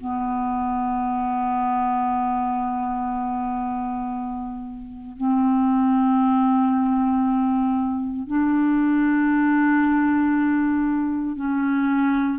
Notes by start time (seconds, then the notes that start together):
0.00 B3
5.17 C4
8.27 D4
11.36 C#4